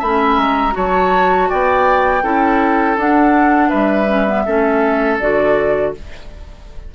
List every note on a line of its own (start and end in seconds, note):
0.00 0.37 A3
0.00 0.72 C#4
0.00 0.74 E5
0.00 0.39 B5
0.37 0.74 G#3
0.37 0.76 A#5
0.72 1.51 F#3
0.72 2.21 F#4
0.72 1.50 C#5
0.72 1.50 A5
1.50 2.23 B3
1.50 2.24 D5
1.50 2.98 G5
2.23 2.97 C#4
2.23 2.98 E4
2.23 3.70 A4
2.97 3.71 D4
2.97 4.08 D4
2.97 3.70 F#5
3.70 4.47 G3
3.70 4.44 B4
3.70 5.18 E5
4.08 4.26 C#4
4.27 4.46 B3
4.46 5.20 A3
4.46 5.21 C#4
4.46 5.95 A4
5.20 5.94 D3
5.20 5.95 F#4
5.20 5.94 D5